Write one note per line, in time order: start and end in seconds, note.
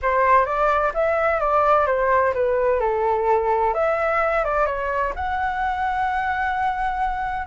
0.01 0.45 C5
0.45 0.92 D5
0.94 1.40 E5
1.40 1.86 D5
1.86 2.33 C5
2.34 2.80 B4
2.80 3.74 A4
3.74 4.44 E5
4.44 4.65 D5
4.65 5.12 C#5
5.15 7.47 F#5